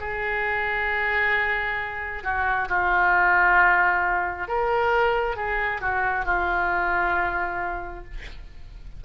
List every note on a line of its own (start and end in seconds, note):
0.00 2.23 G#4
2.23 2.68 F#4
2.69 4.48 F4
4.48 5.36 A#4
5.36 5.81 G#4
5.81 6.25 F#4
6.25 8.04 F4